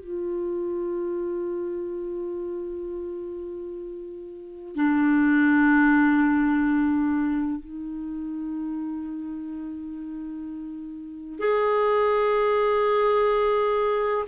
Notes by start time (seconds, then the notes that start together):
0.00 F4
4.75 D4
7.60 D#4
11.39 G#4